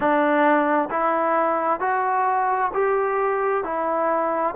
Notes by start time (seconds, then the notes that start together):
0.00 D4
0.90 E4
1.80 F#4
2.73 G4
3.64 E4